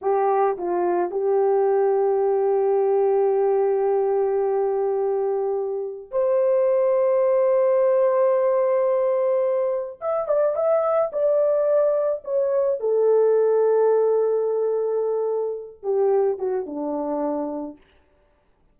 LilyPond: \new Staff \with { instrumentName = "horn" } { \time 4/4 \tempo 4 = 108 g'4 f'4 g'2~ | g'1~ | g'2. c''4~ | c''1~ |
c''2 e''8 d''8 e''4 | d''2 cis''4 a'4~ | a'1~ | a'8 g'4 fis'8 d'2 | }